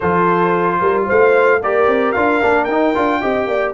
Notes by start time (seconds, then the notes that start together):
0.00 F3 F4 A4 C5
0.80 G3 A#4
1.05 A3 C5 F5
1.60 A#3 G4 A#4 D5
1.87 C4
2.12 D4 F4 F5
2.42 A#3 D4
2.64 D#4 G5
2.71 D#4
2.94 D4 F4
3.21 C4 G4 D#5
3.46 A#3 D5